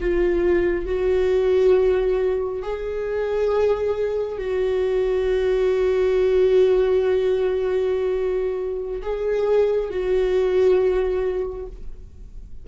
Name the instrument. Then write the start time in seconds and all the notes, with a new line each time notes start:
viola
0.00 F4
0.85 F#4
2.62 G#4
4.38 F#4
9.02 G#4
9.89 F#4